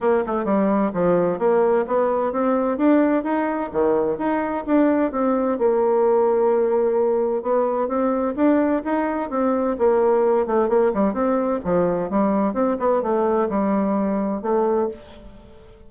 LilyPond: \new Staff \with { instrumentName = "bassoon" } { \time 4/4 \tempo 4 = 129 ais8 a8 g4 f4 ais4 | b4 c'4 d'4 dis'4 | dis4 dis'4 d'4 c'4 | ais1 |
b4 c'4 d'4 dis'4 | c'4 ais4. a8 ais8 g8 | c'4 f4 g4 c'8 b8 | a4 g2 a4 | }